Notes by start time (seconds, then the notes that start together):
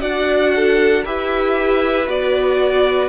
0.00 D4 F#4 D5 F#5
0.56 A4
1.04 E4 G4 B4 E5
2.08 B3 F#4 D5